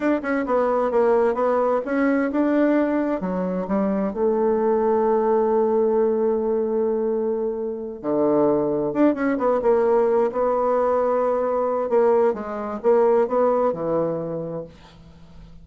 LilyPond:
\new Staff \with { instrumentName = "bassoon" } { \time 4/4 \tempo 4 = 131 d'8 cis'8 b4 ais4 b4 | cis'4 d'2 fis4 | g4 a2.~ | a1~ |
a4. d2 d'8 | cis'8 b8 ais4. b4.~ | b2 ais4 gis4 | ais4 b4 e2 | }